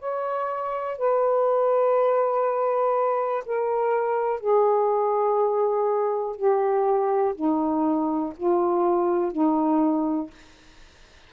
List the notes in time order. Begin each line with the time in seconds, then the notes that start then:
0.00 C#5
0.98 B4
3.46 A#4
4.40 G#4
6.37 G4
7.35 D#4
8.37 F4
9.32 D#4